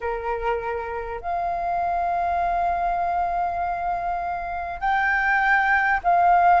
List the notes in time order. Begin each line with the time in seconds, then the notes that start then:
0.00 A#4
1.20 F5
4.80 G5
6.03 F5